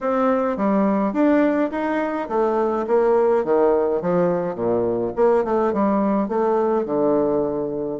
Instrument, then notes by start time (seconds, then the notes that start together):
bassoon
0.01 C4
0.56 G3
1.13 D4
1.71 D#4
2.29 A3
2.87 A#3
3.44 D#3
4.01 F3
4.55 A#2
5.16 A#3
5.44 A3
5.73 G3
6.28 A3
6.85 D3